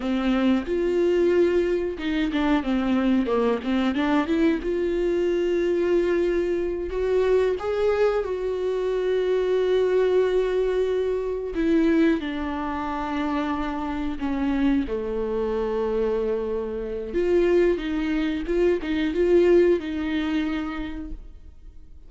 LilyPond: \new Staff \with { instrumentName = "viola" } { \time 4/4 \tempo 4 = 91 c'4 f'2 dis'8 d'8 | c'4 ais8 c'8 d'8 e'8 f'4~ | f'2~ f'8 fis'4 gis'8~ | gis'8 fis'2.~ fis'8~ |
fis'4. e'4 d'4.~ | d'4. cis'4 a4.~ | a2 f'4 dis'4 | f'8 dis'8 f'4 dis'2 | }